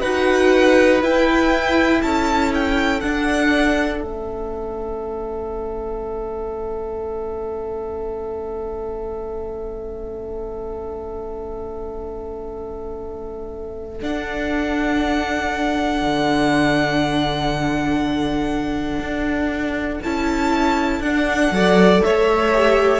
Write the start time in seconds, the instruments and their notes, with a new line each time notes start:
0.00 cello D#4, viola F#4, violin B4 F#5
1.02 viola E4, cello E4, violin G5
2.02 cello C#4, violin A4 A5
2.54 violin G5
3.00 viola D4, cello D4, violin F#5
3.99 cello A3, viola C#4, violin E5
14.00 viola D4, cello D4, violin F#5
16.02 cello D3
18.99 cello D4
20.02 cello C#4, viola E4, violin A5
21.00 cello D4, viola D4, violin F#5
21.51 cello F#3, viola A4, violin D5
22.02 cello A3, violin C#5 E5
22.52 viola G4